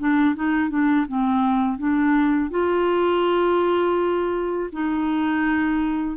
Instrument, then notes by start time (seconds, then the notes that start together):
clarinet
0.00 D4
0.36 D#4
0.70 D4
1.08 C4
1.79 D4
2.51 F4
4.73 D#4